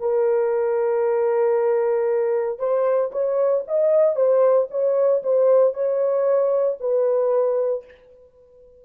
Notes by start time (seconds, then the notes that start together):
0.00 A#4
2.59 C5
3.12 C#5
3.68 D#5
4.16 C5
4.71 C#5
5.24 C5
5.74 C#5
6.81 B4